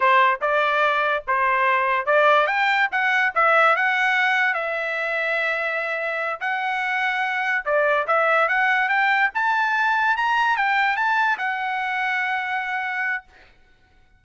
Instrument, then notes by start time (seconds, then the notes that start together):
trumpet
0.00 C5
0.41 D5
1.27 C5
2.06 D5
2.46 G5
2.91 F#5
3.34 E5
3.76 F#5
4.53 E5
6.40 F#5
7.65 D5
8.07 E5
8.48 F#5
8.88 G5
9.34 A5
10.16 A#5
10.56 G5
10.96 A5
11.37 F#5